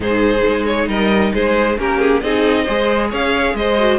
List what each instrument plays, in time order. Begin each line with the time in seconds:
0.00 cello G#2, viola D#4, violin G#4 C5
0.47 cello G#3
0.65 violin C#5
0.88 cello G3, violin A#4 D#5
1.33 cello G#3, violin G#4 C5
1.77 cello A#3, viola C#4, violin G4 A#4
1.99 violin G#4
2.20 cello C4, viola D#4, violin G#4 D#5
2.64 cello G#3, viola G#4, violin C5
3.10 cello C#4, violin C#5 F5
3.54 cello G#3, violin C5 D#5
3.78 viola F#4